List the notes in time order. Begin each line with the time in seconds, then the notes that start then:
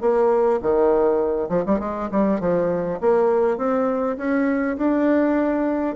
0.00 A#3
0.62 D#3
1.49 F3
1.65 G3
1.79 G#3
2.11 G3
2.40 F3
3.00 A#3
3.57 C4
4.17 C#4
4.77 D4